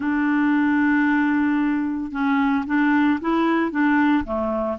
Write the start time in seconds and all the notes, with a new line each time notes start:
0.00 D4
2.11 C#4
2.66 D4
3.21 E4
3.71 D4
4.25 A3